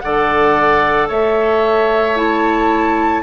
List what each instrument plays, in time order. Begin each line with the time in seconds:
0.00 bassoon D3, clarinet A4, oboe D5, flute F#5
1.08 bassoon A3, oboe C#5, flute E5
2.16 clarinet E4, flute A5